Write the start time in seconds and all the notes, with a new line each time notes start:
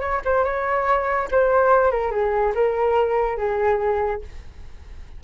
0.00 C#5
0.25 C5
0.44 C#5
1.31 C5
1.91 A#4
2.11 G#4
2.55 A#4
3.37 G#4